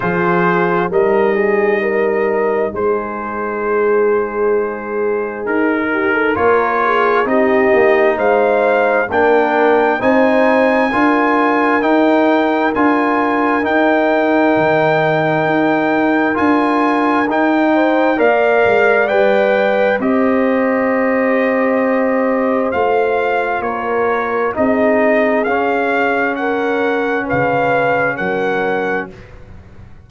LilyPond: <<
  \new Staff \with { instrumentName = "trumpet" } { \time 4/4 \tempo 4 = 66 c''4 dis''2 c''4~ | c''2 ais'4 cis''4 | dis''4 f''4 g''4 gis''4~ | gis''4 g''4 gis''4 g''4~ |
g''2 gis''4 g''4 | f''4 g''4 dis''2~ | dis''4 f''4 cis''4 dis''4 | f''4 fis''4 f''4 fis''4 | }
  \new Staff \with { instrumentName = "horn" } { \time 4/4 gis'4 ais'8 gis'8 ais'4 gis'4~ | gis'2~ gis'8 g'16 a'16 ais'8 gis'8 | g'4 c''4 ais'4 c''4 | ais'1~ |
ais'2.~ ais'8 c''8 | d''2 c''2~ | c''2 ais'4 gis'4~ | gis'4 ais'4 b'4 ais'4 | }
  \new Staff \with { instrumentName = "trombone" } { \time 4/4 f'4 dis'2.~ | dis'2. f'4 | dis'2 d'4 dis'4 | f'4 dis'4 f'4 dis'4~ |
dis'2 f'4 dis'4 | ais'4 b'4 g'2~ | g'4 f'2 dis'4 | cis'1 | }
  \new Staff \with { instrumentName = "tuba" } { \time 4/4 f4 g2 gis4~ | gis2 dis'4 ais4 | c'8 ais8 gis4 ais4 c'4 | d'4 dis'4 d'4 dis'4 |
dis4 dis'4 d'4 dis'4 | ais8 gis8 g4 c'2~ | c'4 a4 ais4 c'4 | cis'2 cis4 fis4 | }
>>